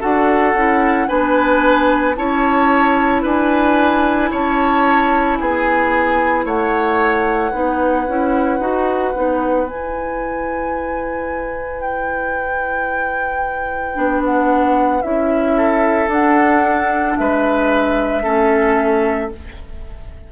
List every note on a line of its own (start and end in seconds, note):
0.00 0.54 D4
0.00 0.54 F#4
0.00 1.07 A4
0.00 1.08 F#5
0.54 1.08 C#4
0.54 1.08 E4
1.08 2.18 B3
1.08 2.15 D4
1.08 2.16 B4
1.08 2.15 G#5
2.16 3.24 C#4
2.16 7.52 E4
2.16 3.23 C#5
2.16 3.23 A5
3.23 4.31 D4
3.23 4.30 B4
3.23 4.33 G#5
4.31 5.39 C#4
4.31 5.39 C#5
4.31 5.36 A5
5.36 6.45 B3
5.36 6.46 G#4
5.36 6.44 G#5
6.45 7.52 A3
6.45 7.51 C#5
6.45 9.68 F#5
7.51 8.08 B3
7.51 8.06 D#4
7.51 15.55 B4
8.08 8.60 C#4
8.08 8.60 E4
8.60 9.13 D#4
8.60 9.14 F#4
9.15 9.70 B3
9.15 9.67 D#4
9.67 13.95 E4
9.67 13.96 E4
9.67 11.81 G#5
11.81 14.23 G5
13.95 15.04 B3
13.95 15.02 D4
14.25 15.02 F#5
15.02 16.08 C#4
15.02 16.09 E4
15.02 16.09 E5
15.58 17.18 A4
16.08 17.15 D4
16.08 18.23 D4
16.08 17.18 F#5
17.18 18.25 G#3
17.18 18.23 B4
17.18 19.32 E5
18.23 19.32 A3
18.23 19.31 C#4
18.23 19.30 A4